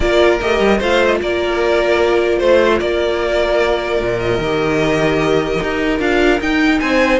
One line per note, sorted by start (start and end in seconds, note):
0.00 0.39 A#3
0.00 0.40 F4
0.00 0.78 A#4
0.00 0.38 D5
0.40 0.59 A3
0.40 0.81 G4
0.40 0.80 D#5
0.59 0.79 G3
0.78 1.20 A3
0.78 4.41 F4
0.78 1.18 C5
0.78 1.06 F5
1.06 1.16 D#5
1.21 2.40 A#3
1.21 2.38 A#4
1.21 2.41 D5
2.38 2.80 A3
2.38 2.78 C5
2.38 2.79 C5
2.78 4.01 A#3
2.78 6.78 A#4
2.78 4.19 D5
4.01 4.38 A#2
4.19 5.99 D#5
4.38 5.58 D#3
4.38 5.99 G4
5.63 5.99 D#4
5.99 6.39 D4
5.99 6.39 F4
5.99 6.40 F5
6.40 6.80 D#4
6.40 7.20 D#4
6.40 6.79 G5
6.79 7.20 C4
6.79 7.20 C5
6.79 7.19 G#5